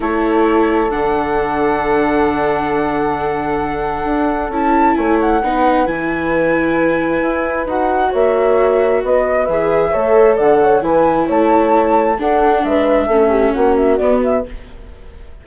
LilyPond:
<<
  \new Staff \with { instrumentName = "flute" } { \time 4/4 \tempo 4 = 133 cis''2 fis''2~ | fis''1~ | fis''2 a''4 gis''8 fis''8~ | fis''4 gis''2.~ |
gis''4 fis''4 e''2 | dis''4 e''2 fis''4 | gis''4 a''2 fis''4 | e''2 fis''8 e''8 d''8 e''8 | }
  \new Staff \with { instrumentName = "horn" } { \time 4/4 a'1~ | a'1~ | a'2. cis''4 | b'1~ |
b'2 cis''2 | b'2 cis''4 d''8 cis''8 | b'4 cis''2 a'4 | b'4 a'8 g'8 fis'2 | }
  \new Staff \with { instrumentName = "viola" } { \time 4/4 e'2 d'2~ | d'1~ | d'2 e'2 | dis'4 e'2.~ |
e'4 fis'2.~ | fis'4 gis'4 a'2 | e'2. d'4~ | d'4 cis'2 b4 | }
  \new Staff \with { instrumentName = "bassoon" } { \time 4/4 a2 d2~ | d1~ | d4 d'4 cis'4 a4 | b4 e2. |
e'4 dis'4 ais2 | b4 e4 a4 d4 | e4 a2 d'4 | gis4 a4 ais4 b4 | }
>>